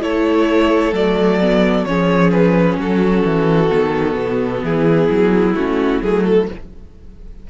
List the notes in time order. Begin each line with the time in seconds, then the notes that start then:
0.00 A3 E4 A4 C#5
0.92 F#3 A3 D5
1.41 B3
1.85 F3 C#4 G#4 C#5
2.31 B4
2.78 F#3 F#4 A4
3.25 E3
3.70 D#3 B3
4.16 B2
4.63 E3 E4 G#4
5.10 F#3
5.54 A3 C#4 F#4
6.02 F#3 A3 G#4
6.24 A4